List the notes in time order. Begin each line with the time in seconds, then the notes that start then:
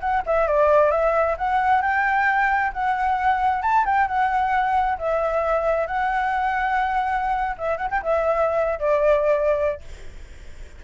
0.00 F#5
0.26 E5
0.47 D5
0.91 E5
1.38 F#5
1.82 G5
2.73 F#5
3.62 A5
3.85 G5
4.07 F#5
4.98 E5
5.87 F#5
7.58 E5
7.77 F#5
7.90 G5
8.03 E5
8.79 D5